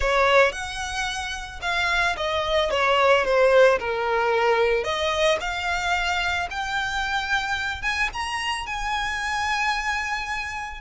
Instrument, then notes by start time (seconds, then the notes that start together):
violin
0.00 C#5
0.52 F#5
1.61 F5
2.16 D#5
2.70 C#5
3.24 C5
3.79 A#4
4.84 D#5
5.40 F5
6.50 G5
7.82 G#5
8.13 A#5
8.66 G#5